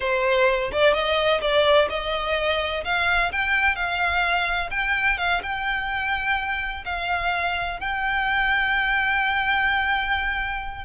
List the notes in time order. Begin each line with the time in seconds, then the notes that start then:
0.00 C5
0.72 D5
0.93 D#5
1.41 D5
1.89 D#5
2.84 F5
3.32 G5
3.75 F5
4.70 G5
5.17 F5
5.42 G5
6.85 F5
7.80 G5